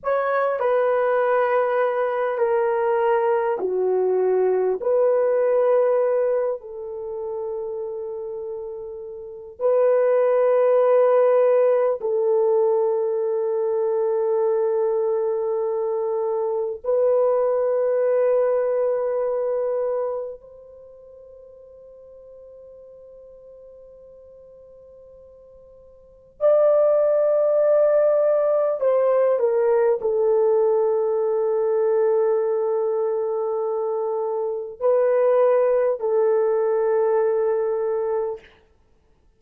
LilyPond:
\new Staff \with { instrumentName = "horn" } { \time 4/4 \tempo 4 = 50 cis''8 b'4. ais'4 fis'4 | b'4. a'2~ a'8 | b'2 a'2~ | a'2 b'2~ |
b'4 c''2.~ | c''2 d''2 | c''8 ais'8 a'2.~ | a'4 b'4 a'2 | }